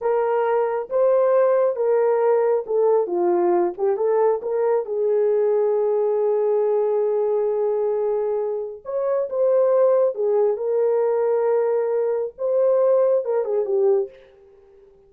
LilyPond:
\new Staff \with { instrumentName = "horn" } { \time 4/4 \tempo 4 = 136 ais'2 c''2 | ais'2 a'4 f'4~ | f'8 g'8 a'4 ais'4 gis'4~ | gis'1~ |
gis'1 | cis''4 c''2 gis'4 | ais'1 | c''2 ais'8 gis'8 g'4 | }